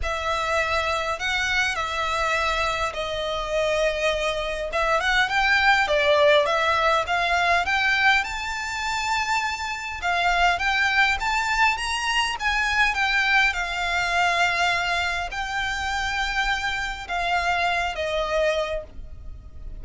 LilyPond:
\new Staff \with { instrumentName = "violin" } { \time 4/4 \tempo 4 = 102 e''2 fis''4 e''4~ | e''4 dis''2. | e''8 fis''8 g''4 d''4 e''4 | f''4 g''4 a''2~ |
a''4 f''4 g''4 a''4 | ais''4 gis''4 g''4 f''4~ | f''2 g''2~ | g''4 f''4. dis''4. | }